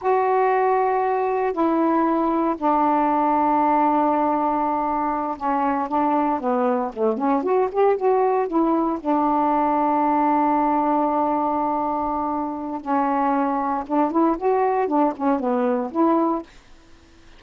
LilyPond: \new Staff \with { instrumentName = "saxophone" } { \time 4/4 \tempo 4 = 117 fis'2. e'4~ | e'4 d'2.~ | d'2~ d'8 cis'4 d'8~ | d'8 b4 a8 cis'8 fis'8 g'8 fis'8~ |
fis'8 e'4 d'2~ d'8~ | d'1~ | d'4 cis'2 d'8 e'8 | fis'4 d'8 cis'8 b4 e'4 | }